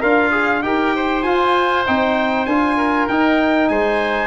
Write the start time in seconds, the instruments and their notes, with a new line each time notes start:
0.00 tuba D4, oboe F4, trombone A#4, trumpet F5
0.32 trombone G#4
0.63 tuba D#4, trombone G4, oboe A#4, trumpet G5
0.96 oboe C5
1.23 tuba F4, trombone F4, trumpet G#5
1.87 tuba C4, trombone D#4, trumpet G5
2.46 tuba D4, trombone F4, trumpet G#5
2.77 oboe A#4
3.09 tuba D#4, trombone D#4, trumpet G5
3.69 tuba G#3, oboe C5, trumpet G#5